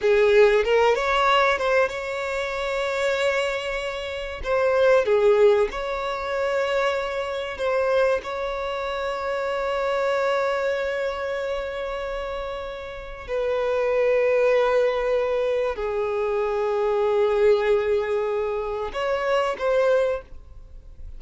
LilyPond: \new Staff \with { instrumentName = "violin" } { \time 4/4 \tempo 4 = 95 gis'4 ais'8 cis''4 c''8 cis''4~ | cis''2. c''4 | gis'4 cis''2. | c''4 cis''2.~ |
cis''1~ | cis''4 b'2.~ | b'4 gis'2.~ | gis'2 cis''4 c''4 | }